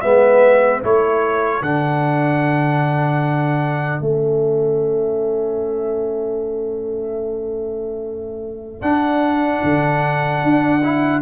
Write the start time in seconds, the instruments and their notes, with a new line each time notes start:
0.00 tuba G#3, trombone B3, horn B4, trumpet E5
0.81 tuba A3, trombone E4, horn A4, trumpet C#5
1.61 tuba D3, trombone D4, trumpet F#5
4.01 tuba A3, trombone C#4, trumpet E5
8.81 tuba D4, trombone D4, trumpet F#5
9.64 tuba D3
10.43 tuba D4
10.83 trombone E4